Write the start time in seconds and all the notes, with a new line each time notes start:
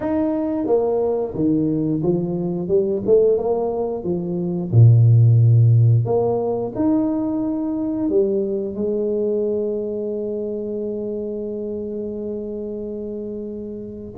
0.00 D#4
0.66 A#3
1.34 D#3
2.02 F3
2.68 G3
3.06 A3
3.37 A#3
4.03 F3
4.71 A#2
6.05 A#3
6.75 D#4
8.09 G3
8.75 G#3